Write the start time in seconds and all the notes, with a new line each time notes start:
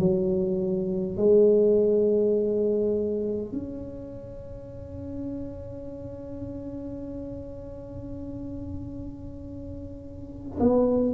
0.00 F#3
1.18 G#3
3.53 C#4
10.60 B3